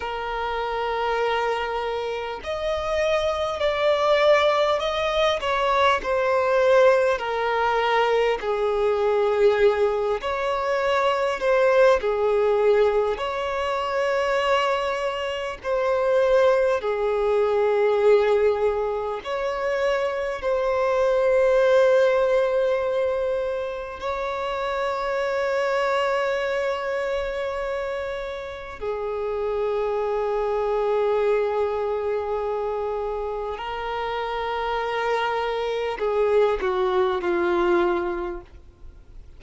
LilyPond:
\new Staff \with { instrumentName = "violin" } { \time 4/4 \tempo 4 = 50 ais'2 dis''4 d''4 | dis''8 cis''8 c''4 ais'4 gis'4~ | gis'8 cis''4 c''8 gis'4 cis''4~ | cis''4 c''4 gis'2 |
cis''4 c''2. | cis''1 | gis'1 | ais'2 gis'8 fis'8 f'4 | }